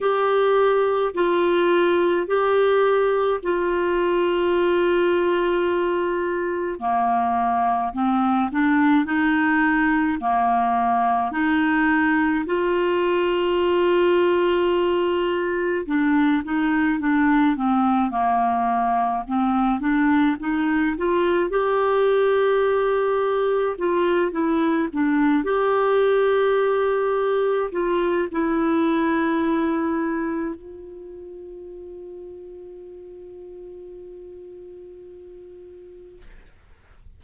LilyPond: \new Staff \with { instrumentName = "clarinet" } { \time 4/4 \tempo 4 = 53 g'4 f'4 g'4 f'4~ | f'2 ais4 c'8 d'8 | dis'4 ais4 dis'4 f'4~ | f'2 d'8 dis'8 d'8 c'8 |
ais4 c'8 d'8 dis'8 f'8 g'4~ | g'4 f'8 e'8 d'8 g'4.~ | g'8 f'8 e'2 f'4~ | f'1 | }